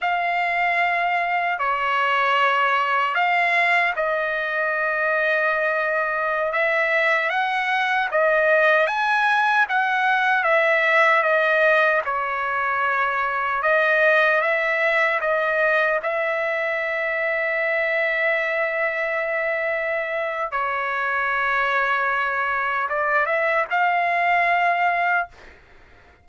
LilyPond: \new Staff \with { instrumentName = "trumpet" } { \time 4/4 \tempo 4 = 76 f''2 cis''2 | f''4 dis''2.~ | dis''16 e''4 fis''4 dis''4 gis''8.~ | gis''16 fis''4 e''4 dis''4 cis''8.~ |
cis''4~ cis''16 dis''4 e''4 dis''8.~ | dis''16 e''2.~ e''8.~ | e''2 cis''2~ | cis''4 d''8 e''8 f''2 | }